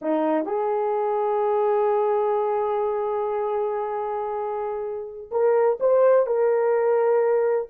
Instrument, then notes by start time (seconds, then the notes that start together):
horn
0.01 D#4
0.45 G#4
5.31 A#4
5.79 C5
6.26 A#4